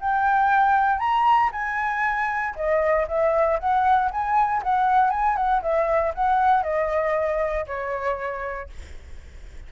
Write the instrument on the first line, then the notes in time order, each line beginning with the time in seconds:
flute
0.00 G5
0.99 A#5
1.52 G#5
2.55 D#5
3.08 E5
3.59 F#5
4.11 G#5
4.63 F#5
5.10 G#5
5.36 F#5
5.62 E5
6.14 F#5
6.63 D#5
7.67 C#5